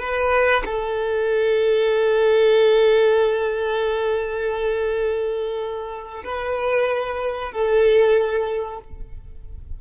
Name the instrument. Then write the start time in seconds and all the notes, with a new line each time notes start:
violin
0.00 B4
0.66 A4
6.25 B4
7.53 A4